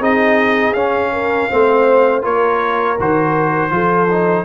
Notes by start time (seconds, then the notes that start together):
0.00 C4 D#4 G#4 D#5
0.73 C#4 F5
1.13 A#4
1.50 A3 C4 C5
2.22 A#3 F4 A#4 C#5
3.00 D#3 F#4 C5
3.70 F3 F4 A4
4.11 D#4